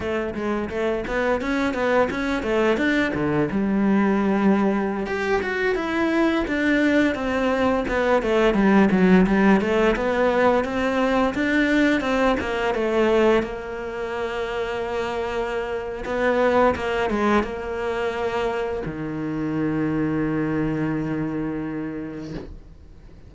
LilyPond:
\new Staff \with { instrumentName = "cello" } { \time 4/4 \tempo 4 = 86 a8 gis8 a8 b8 cis'8 b8 cis'8 a8 | d'8 d8 g2~ g16 g'8 fis'16~ | fis'16 e'4 d'4 c'4 b8 a16~ | a16 g8 fis8 g8 a8 b4 c'8.~ |
c'16 d'4 c'8 ais8 a4 ais8.~ | ais2. b4 | ais8 gis8 ais2 dis4~ | dis1 | }